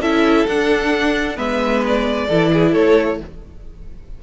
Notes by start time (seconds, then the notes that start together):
0.00 C#4 E4 A4 E5
0.47 D4 F#5
1.36 G#3 B3 B4 E5
1.87 D5
2.28 E3 E4 A4
2.53 G#4
2.72 A3 A4 C#5